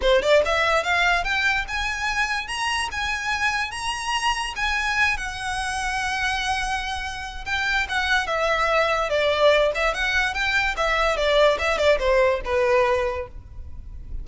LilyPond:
\new Staff \with { instrumentName = "violin" } { \time 4/4 \tempo 4 = 145 c''8 d''8 e''4 f''4 g''4 | gis''2 ais''4 gis''4~ | gis''4 ais''2 gis''4~ | gis''8 fis''2.~ fis''8~ |
fis''2 g''4 fis''4 | e''2 d''4. e''8 | fis''4 g''4 e''4 d''4 | e''8 d''8 c''4 b'2 | }